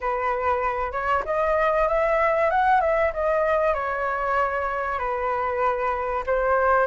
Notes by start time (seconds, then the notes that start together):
0.01 B4
0.91 C#5
1.25 D#5
1.88 E5
2.50 F#5
2.80 E5
3.13 D#5
3.74 C#5
4.98 B4
6.26 C5